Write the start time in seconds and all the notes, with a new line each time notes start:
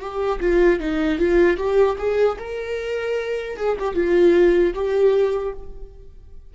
0.00 G4
0.40 F4
0.80 D#4
1.18 F4
1.57 G4
1.98 G#4
2.39 A#4
3.57 G#4
3.79 G4
3.95 F4
4.74 G4